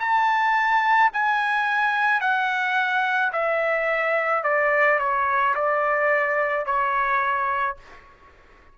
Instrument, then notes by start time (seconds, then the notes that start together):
trumpet
0.00 A5
1.13 G#5
2.21 F#5
3.33 E5
4.44 D5
4.99 C#5
5.56 D5
6.66 C#5